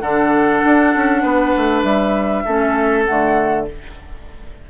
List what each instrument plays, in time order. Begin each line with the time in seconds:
0.00 bassoon D3, clarinet D4, oboe A4, flute F#5
0.64 bassoon D4
0.95 bassoon C#4
1.22 bassoon B3, oboe B4
1.57 bassoon A3
1.82 bassoon G3, flute E5
2.44 bassoon A3, clarinet C#4, oboe A4
3.05 bassoon D3, clarinet A3, flute F#5